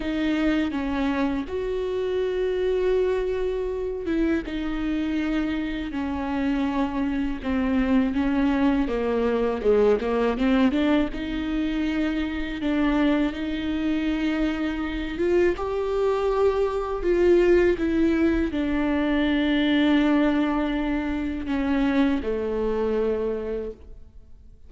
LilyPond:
\new Staff \with { instrumentName = "viola" } { \time 4/4 \tempo 4 = 81 dis'4 cis'4 fis'2~ | fis'4. e'8 dis'2 | cis'2 c'4 cis'4 | ais4 gis8 ais8 c'8 d'8 dis'4~ |
dis'4 d'4 dis'2~ | dis'8 f'8 g'2 f'4 | e'4 d'2.~ | d'4 cis'4 a2 | }